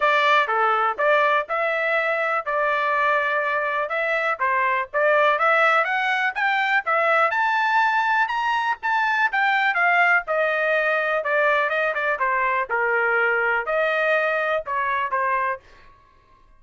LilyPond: \new Staff \with { instrumentName = "trumpet" } { \time 4/4 \tempo 4 = 123 d''4 a'4 d''4 e''4~ | e''4 d''2. | e''4 c''4 d''4 e''4 | fis''4 g''4 e''4 a''4~ |
a''4 ais''4 a''4 g''4 | f''4 dis''2 d''4 | dis''8 d''8 c''4 ais'2 | dis''2 cis''4 c''4 | }